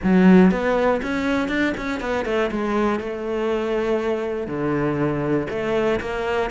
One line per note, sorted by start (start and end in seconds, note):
0.03 0.51 F#3
0.51 1.01 B3
1.02 1.48 C#4
1.48 1.73 D4
1.77 2.00 C#4
2.00 2.25 B3
2.25 2.50 A3
2.51 2.99 G#3
2.99 4.47 A3
4.47 5.47 D3
5.50 6.00 A3
6.00 6.50 A#3